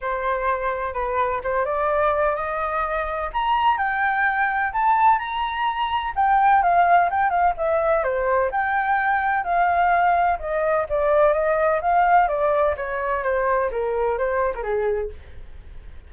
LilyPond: \new Staff \with { instrumentName = "flute" } { \time 4/4 \tempo 4 = 127 c''2 b'4 c''8 d''8~ | d''4 dis''2 ais''4 | g''2 a''4 ais''4~ | ais''4 g''4 f''4 g''8 f''8 |
e''4 c''4 g''2 | f''2 dis''4 d''4 | dis''4 f''4 d''4 cis''4 | c''4 ais'4 c''8. ais'16 gis'4 | }